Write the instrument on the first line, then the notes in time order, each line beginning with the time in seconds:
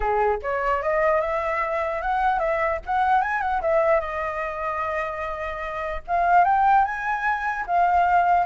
flute
0.00 G#4
0.42 C#5
0.82 D#5
1.21 E5
2.01 F#5
2.39 E5
2.85 F#5
3.21 G#5
3.41 F#5
3.61 E5
4.00 D#5
6.07 F5
6.44 G5
6.84 G#5
7.66 F5